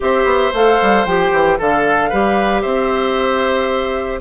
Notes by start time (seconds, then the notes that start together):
0.00 C4 G4 C5 E5
0.24 B3
0.53 A3 A4 F5
0.81 G3
1.05 F3 G4 G5
1.31 E3
1.58 D3 A4 F5
2.09 G3 G4 B4
2.61 C4 C5 E5